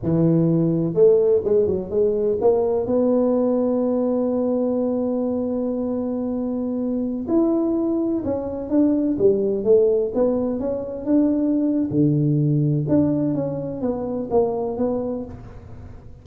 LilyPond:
\new Staff \with { instrumentName = "tuba" } { \time 4/4 \tempo 4 = 126 e2 a4 gis8 fis8 | gis4 ais4 b2~ | b1~ | b2.~ b16 e'8.~ |
e'4~ e'16 cis'4 d'4 g8.~ | g16 a4 b4 cis'4 d'8.~ | d'4 d2 d'4 | cis'4 b4 ais4 b4 | }